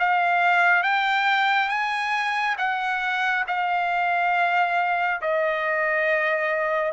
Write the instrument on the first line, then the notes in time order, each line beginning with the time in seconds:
trumpet
0.00 F5
0.83 G5
1.69 G#5
2.58 F#5
3.48 F5
5.22 D#5